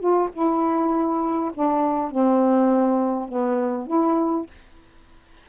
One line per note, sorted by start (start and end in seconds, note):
0.00 0.30 F4
0.33 1.52 E4
1.54 2.11 D4
2.11 3.29 C4
3.29 3.87 B3
3.87 4.47 E4